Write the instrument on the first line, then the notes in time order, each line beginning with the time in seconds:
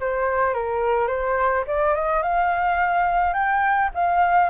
flute
0.00 C5
0.54 A#4
1.07 C5
1.67 D5
1.95 D#5
2.23 F5
3.33 G5
3.94 F5